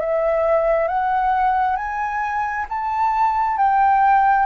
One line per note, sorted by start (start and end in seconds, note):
0.00 0.88 E5
0.88 1.76 F#5
1.76 2.65 G#5
2.69 3.57 A5
3.57 4.45 G5